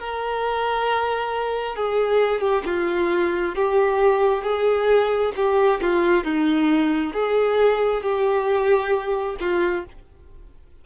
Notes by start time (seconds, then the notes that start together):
0.00 A#4
1.76 G#4
2.41 G4
2.66 F4
3.55 G4
4.43 G#4
5.36 G4
5.81 F4
6.24 D#4
7.14 G#4
8.02 G4
9.40 F4